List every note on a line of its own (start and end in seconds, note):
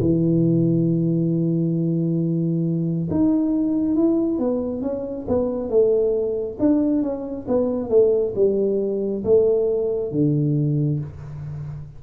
0.00 3.09 E3
3.10 3.95 D#4
3.95 4.38 E4
4.38 4.81 B3
4.81 5.25 C#4
5.27 5.69 B3
5.69 6.57 A3
6.59 7.02 D4
7.02 7.46 C#4
7.47 7.89 B3
7.89 8.33 A3
8.35 9.23 G3
9.24 10.11 A3
10.11 10.99 D3